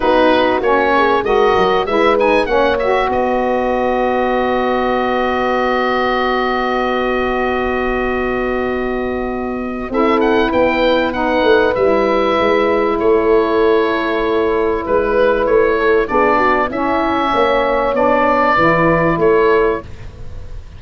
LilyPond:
<<
  \new Staff \with { instrumentName = "oboe" } { \time 4/4 \tempo 4 = 97 b'4 cis''4 dis''4 e''8 gis''8 | fis''8 e''8 dis''2.~ | dis''1~ | dis''1 |
e''8 fis''8 g''4 fis''4 e''4~ | e''4 cis''2. | b'4 cis''4 d''4 e''4~ | e''4 d''2 cis''4 | }
  \new Staff \with { instrumentName = "horn" } { \time 4/4 fis'4. gis'8 ais'4 b'4 | cis''4 b'2.~ | b'1~ | b'1 |
a'4 b'2.~ | b'4 a'2. | b'4. a'8 gis'8 fis'8 e'4 | cis''2 b'4 a'4 | }
  \new Staff \with { instrumentName = "saxophone" } { \time 4/4 dis'4 cis'4 fis'4 e'8 dis'8 | cis'8 fis'2.~ fis'8~ | fis'1~ | fis'1 |
e'2 dis'4 e'4~ | e'1~ | e'2 d'4 cis'4~ | cis'4 d'4 e'2 | }
  \new Staff \with { instrumentName = "tuba" } { \time 4/4 b4 ais4 gis8 fis8 gis4 | ais4 b2.~ | b1~ | b1 |
c'4 b4. a8 g4 | gis4 a2. | gis4 a4 b4 cis'4 | ais4 b4 e4 a4 | }
>>